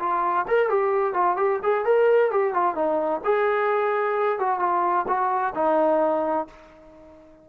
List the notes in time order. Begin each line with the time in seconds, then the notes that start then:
0.00 F4
0.48 A#4
0.70 G4
1.14 F4
1.37 G4
1.63 G#4
1.85 A#4
2.32 G4
2.54 F4
2.75 D#4
3.25 G#4
4.39 F#4
4.60 F4
5.08 F#4
5.56 D#4